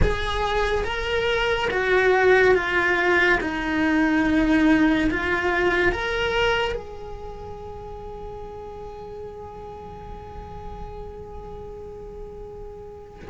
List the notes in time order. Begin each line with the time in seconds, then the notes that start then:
0.02 G#4
0.84 A#4
1.70 F#4
2.54 F4
3.40 D#4
5.10 F4
5.92 A#4
6.74 G#4